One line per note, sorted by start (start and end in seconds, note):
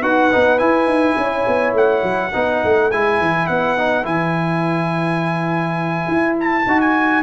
0.00 0.31 D#4
0.00 0.31 F#4
0.00 1.15 B4
0.00 0.58 F#5
0.32 0.60 B3
0.32 0.59 D#4
0.58 2.32 E4
0.58 0.85 E4
0.58 1.73 G#5
0.85 1.14 D#4
1.17 1.46 C#4
1.17 2.35 C#5
1.47 1.73 B3
1.73 2.02 A3
1.73 2.91 F#5
2.03 2.32 F#3
2.33 2.63 B3
2.33 2.91 D#4
2.33 7.23 B4
2.64 2.93 A3
2.91 3.20 G#3
2.91 3.78 E4
2.91 3.47 G#5
3.20 3.49 E3
3.47 4.05 B3
3.47 4.04 F#5
3.78 4.03 D#4
4.03 6.07 E3
4.03 6.63 E4
4.03 6.36 G#5
6.07 6.65 E4
6.40 6.80 A5
6.66 7.23 D#4
6.66 7.23 F#4
6.80 7.23 G#5